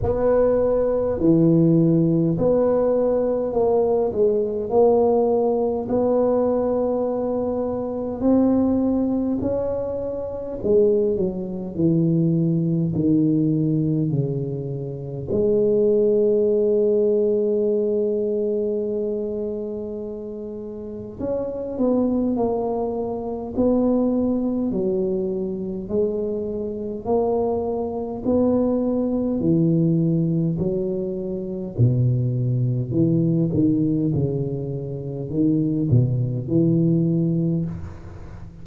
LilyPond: \new Staff \with { instrumentName = "tuba" } { \time 4/4 \tempo 4 = 51 b4 e4 b4 ais8 gis8 | ais4 b2 c'4 | cis'4 gis8 fis8 e4 dis4 | cis4 gis2.~ |
gis2 cis'8 b8 ais4 | b4 fis4 gis4 ais4 | b4 e4 fis4 b,4 | e8 dis8 cis4 dis8 b,8 e4 | }